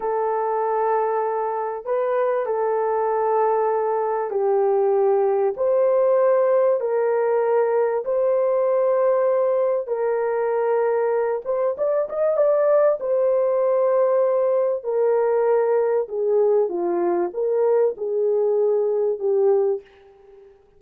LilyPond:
\new Staff \with { instrumentName = "horn" } { \time 4/4 \tempo 4 = 97 a'2. b'4 | a'2. g'4~ | g'4 c''2 ais'4~ | ais'4 c''2. |
ais'2~ ais'8 c''8 d''8 dis''8 | d''4 c''2. | ais'2 gis'4 f'4 | ais'4 gis'2 g'4 | }